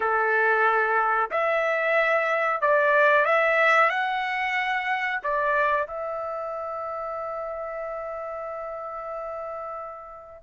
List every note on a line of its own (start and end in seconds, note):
0.00 1.30 A4
1.30 2.61 E5
2.61 3.25 D5
3.25 3.89 E5
3.89 5.20 F#5
5.23 5.87 D5
5.87 10.42 E5